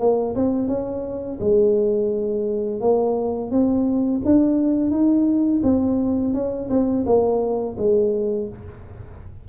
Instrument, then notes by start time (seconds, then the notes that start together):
tuba
0.00 A#3
0.36 C4
0.68 C#4
1.41 G#3
2.81 A#3
3.51 C4
4.25 D4
4.91 D#4
5.64 C4
6.34 C#4
6.70 C4
7.06 A#3
7.78 G#3